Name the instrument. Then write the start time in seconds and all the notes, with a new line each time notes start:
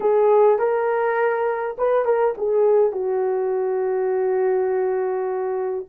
horn
0.00 G#4
0.58 A#4
1.78 B4
2.05 A#4
2.37 G#4
2.91 F#4